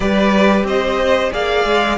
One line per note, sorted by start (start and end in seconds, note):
0.00 0.63 G3
0.00 1.30 G4
0.00 0.66 B4
0.00 0.65 D5
0.63 1.29 C4
0.63 1.32 C5
0.63 1.33 D#5
1.30 1.64 A#3
1.30 1.96 G#4
1.30 1.98 D5
1.30 1.98 F5
1.64 1.97 G#3